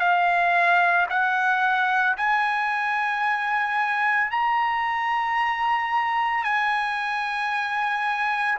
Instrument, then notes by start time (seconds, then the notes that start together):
trumpet
0.00 F5
1.10 F#5
2.18 G#5
4.31 A#5
6.44 G#5